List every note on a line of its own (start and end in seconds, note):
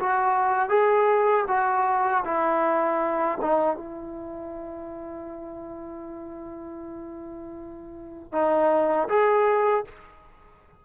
0.00 0.69 F#4
0.69 1.45 G#4
1.48 2.24 F#4
2.25 3.39 E4
3.42 3.77 D#4
3.77 8.32 E4
8.33 9.09 D#4
9.09 9.85 G#4